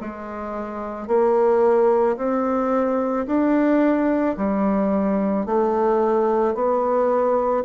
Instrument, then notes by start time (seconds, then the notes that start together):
bassoon
0.00 G#3
1.07 A#3
2.17 C4
3.26 D4
4.36 G3
5.45 A3
6.54 B3